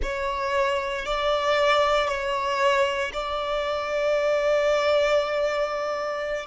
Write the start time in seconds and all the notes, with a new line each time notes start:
0.02 C#5
1.05 D5
2.07 C#5
3.13 D5